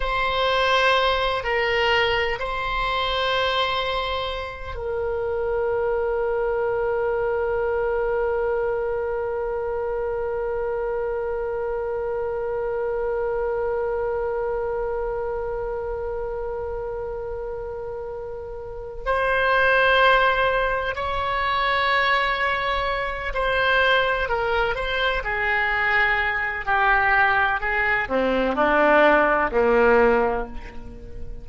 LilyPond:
\new Staff \with { instrumentName = "oboe" } { \time 4/4 \tempo 4 = 63 c''4. ais'4 c''4.~ | c''4 ais'2.~ | ais'1~ | ais'1~ |
ais'1 | c''2 cis''2~ | cis''8 c''4 ais'8 c''8 gis'4. | g'4 gis'8 c'8 d'4 ais4 | }